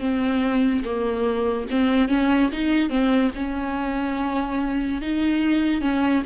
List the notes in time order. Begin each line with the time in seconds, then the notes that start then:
0.00 C4
0.84 A#3
1.70 C4
2.08 C#4
2.52 D#4
2.89 C4
3.35 C#4
5.02 D#4
5.81 C#4